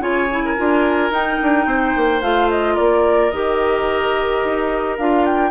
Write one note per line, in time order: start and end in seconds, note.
0.00 0.55 C#3
0.00 0.28 F4
0.00 0.43 C#5
0.00 1.12 G#5
0.31 0.57 E4
0.45 1.67 A#4
0.57 1.10 D4
0.57 1.12 F4
1.10 1.38 D#4
1.10 2.21 D#4
1.10 2.22 G5
1.42 1.66 D4
1.66 1.93 C4
1.66 2.74 C5
1.96 2.21 A#3
2.21 2.76 A3
2.21 3.31 F4
2.21 2.49 F5
2.50 2.76 D#5
2.74 3.32 A#3
2.74 5.50 A#4
2.74 3.31 D5
3.31 4.42 D#3
3.31 4.98 G4
3.31 4.96 D#5
4.44 4.98 D#4
4.98 5.51 D4
4.98 5.51 F4
4.98 5.25 F5
5.25 5.51 G5